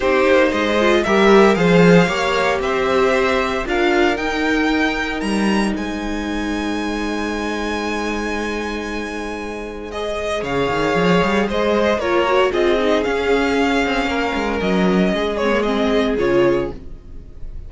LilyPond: <<
  \new Staff \with { instrumentName = "violin" } { \time 4/4 \tempo 4 = 115 c''4 dis''4 e''4 f''4~ | f''4 e''2 f''4 | g''2 ais''4 gis''4~ | gis''1~ |
gis''2. dis''4 | f''2 dis''4 cis''4 | dis''4 f''2. | dis''4. cis''8 dis''4 cis''4 | }
  \new Staff \with { instrumentName = "violin" } { \time 4/4 g'4 c''4 ais'4 c''4 | cis''4 c''2 ais'4~ | ais'2. c''4~ | c''1~ |
c''1 | cis''2 c''4 ais'4 | gis'2. ais'4~ | ais'4 gis'2. | }
  \new Staff \with { instrumentName = "viola" } { \time 4/4 dis'4. f'8 g'4 gis'4 | g'2. f'4 | dis'1~ | dis'1~ |
dis'2. gis'4~ | gis'2. f'8 fis'8 | f'8 dis'8 cis'2.~ | cis'4. c'16 ais16 c'4 f'4 | }
  \new Staff \with { instrumentName = "cello" } { \time 4/4 c'8 ais8 gis4 g4 f4 | ais4 c'2 d'4 | dis'2 g4 gis4~ | gis1~ |
gis1 | cis8 dis8 f8 g8 gis4 ais4 | c'4 cis'4. c'8 ais8 gis8 | fis4 gis2 cis4 | }
>>